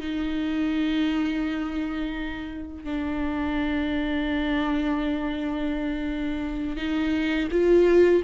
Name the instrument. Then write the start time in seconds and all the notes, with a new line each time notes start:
viola
0.00 D#4
2.84 D4
6.77 D#4
7.51 F4